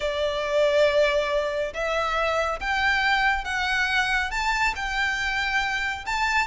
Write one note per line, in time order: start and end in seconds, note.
0.00 1.73 D5
1.73 2.59 E5
2.59 3.44 G5
3.44 4.30 F#5
4.30 4.74 A5
4.75 6.05 G5
6.05 6.47 A5